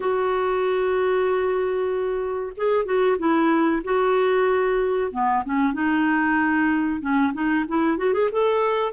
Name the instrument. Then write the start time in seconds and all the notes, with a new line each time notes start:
clarinet
0.00 F#4
2.56 G#4
2.85 F#4
3.18 E4
3.84 F#4
5.11 B3
5.44 C#4
5.73 D#4
7.01 C#4
7.33 D#4
7.68 E4
7.97 F#4
8.13 G#4
8.32 A4